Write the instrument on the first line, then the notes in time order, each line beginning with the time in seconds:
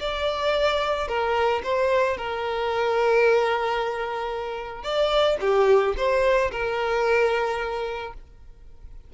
violin
0.00 D5
1.08 A#4
1.64 C5
2.17 A#4
4.84 D5
5.41 G4
5.98 C5
6.52 A#4